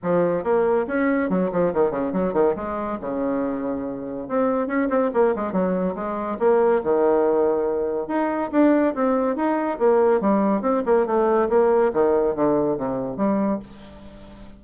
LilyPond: \new Staff \with { instrumentName = "bassoon" } { \time 4/4 \tempo 4 = 141 f4 ais4 cis'4 fis8 f8 | dis8 cis8 fis8 dis8 gis4 cis4~ | cis2 c'4 cis'8 c'8 | ais8 gis8 fis4 gis4 ais4 |
dis2. dis'4 | d'4 c'4 dis'4 ais4 | g4 c'8 ais8 a4 ais4 | dis4 d4 c4 g4 | }